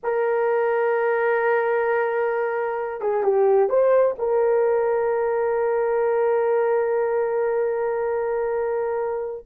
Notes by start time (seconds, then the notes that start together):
0.03 A#4
3.01 G#4
3.23 G4
3.69 C5
4.18 A#4